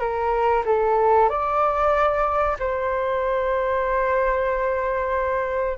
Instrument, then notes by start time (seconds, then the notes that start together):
flute
0.00 A#4
0.66 A4
1.29 D5
2.60 C5